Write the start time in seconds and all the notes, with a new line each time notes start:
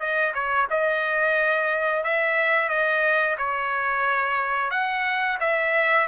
0.00 D#5
0.34 C#5
0.70 D#5
2.04 E5
2.69 D#5
3.38 C#5
4.71 F#5
5.41 E5